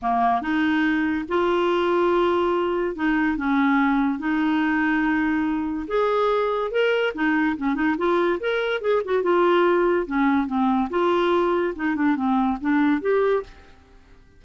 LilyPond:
\new Staff \with { instrumentName = "clarinet" } { \time 4/4 \tempo 4 = 143 ais4 dis'2 f'4~ | f'2. dis'4 | cis'2 dis'2~ | dis'2 gis'2 |
ais'4 dis'4 cis'8 dis'8 f'4 | ais'4 gis'8 fis'8 f'2 | cis'4 c'4 f'2 | dis'8 d'8 c'4 d'4 g'4 | }